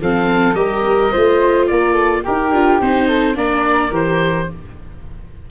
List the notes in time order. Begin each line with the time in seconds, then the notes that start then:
0.00 F3 C4 A4 F5
0.54 G3 G4 A#4 D#5
1.12 A3 F4 C5
1.66 A#3 A#4 D5
1.93 A4
2.23 D#4 G4 A#4
2.51 D4 F4
2.80 C4 D#4 C5
3.07 A4
3.33 A#3 D4 A#4 D5
3.90 E3 G4 C5